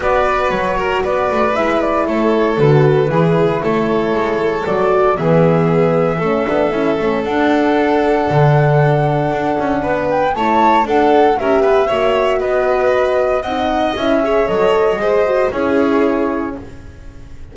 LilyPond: <<
  \new Staff \with { instrumentName = "flute" } { \time 4/4 \tempo 4 = 116 d''4 cis''4 d''4 e''8 d''8 | cis''4 b'2 cis''4~ | cis''4 d''4 e''2~ | e''2 fis''2~ |
fis''2.~ fis''8 g''8 | a''4 fis''4 e''2 | dis''2 fis''4 e''4 | dis''2 cis''2 | }
  \new Staff \with { instrumentName = "violin" } { \time 4/4 b'4. ais'8 b'2 | a'2 gis'4 a'4~ | a'2 gis'2 | a'1~ |
a'2. b'4 | cis''4 a'4 ais'8 b'8 cis''4 | b'2 dis''4. cis''8~ | cis''4 c''4 gis'2 | }
  \new Staff \with { instrumentName = "horn" } { \time 4/4 fis'2. e'4~ | e'4 fis'4 e'2~ | e'4 fis'4 b2 | cis'8 d'8 e'8 cis'8 d'2~ |
d'1 | e'4 d'4 g'4 fis'4~ | fis'2 dis'4 e'8 gis'8 | a'4 gis'8 fis'8 e'2 | }
  \new Staff \with { instrumentName = "double bass" } { \time 4/4 b4 fis4 b8 a8 gis4 | a4 d4 e4 a4 | gis4 fis4 e2 | a8 b8 cis'8 a8 d'2 |
d2 d'8 cis'8 b4 | a4 d'4 cis'8 b8 ais4 | b2 c'4 cis'4 | fis4 gis4 cis'2 | }
>>